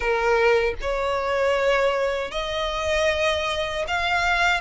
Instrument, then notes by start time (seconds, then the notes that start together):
violin
0.00 A#4
0.81 C#5
2.31 D#5
3.87 F5